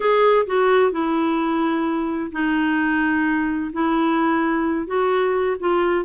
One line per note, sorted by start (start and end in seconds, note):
0.00 0.45 G#4
0.46 0.91 F#4
0.91 2.31 E4
2.32 3.71 D#4
3.73 4.86 E4
4.86 5.56 F#4
5.59 6.05 F4